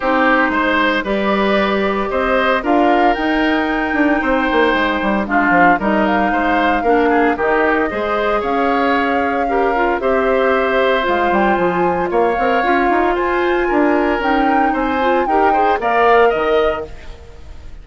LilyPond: <<
  \new Staff \with { instrumentName = "flute" } { \time 4/4 \tempo 4 = 114 c''2 d''2 | dis''4 f''4 g''2~ | g''2 f''4 dis''8 f''8~ | f''2 dis''2 |
f''2. e''4~ | e''4 f''8 g''8 gis''4 f''4~ | f''4 gis''2 g''4 | gis''4 g''4 f''4 dis''4 | }
  \new Staff \with { instrumentName = "oboe" } { \time 4/4 g'4 c''4 b'2 | c''4 ais'2. | c''2 f'4 ais'4 | c''4 ais'8 gis'8 g'4 c''4 |
cis''2 ais'4 c''4~ | c''2. cis''4~ | cis''4 c''4 ais'2 | c''4 ais'8 c''8 d''4 dis''4 | }
  \new Staff \with { instrumentName = "clarinet" } { \time 4/4 dis'2 g'2~ | g'4 f'4 dis'2~ | dis'2 d'4 dis'4~ | dis'4 d'4 dis'4 gis'4~ |
gis'2 g'8 f'8 g'4~ | g'4 f'2~ f'8 ais'8 | f'2. dis'4~ | dis'8 f'8 g'8 gis'8 ais'2 | }
  \new Staff \with { instrumentName = "bassoon" } { \time 4/4 c'4 gis4 g2 | c'4 d'4 dis'4. d'8 | c'8 ais8 gis8 g8 gis8 f8 g4 | gis4 ais4 dis4 gis4 |
cis'2. c'4~ | c'4 gis8 g8 f4 ais8 c'8 | cis'8 dis'8 f'4 d'4 cis'4 | c'4 dis'4 ais4 dis4 | }
>>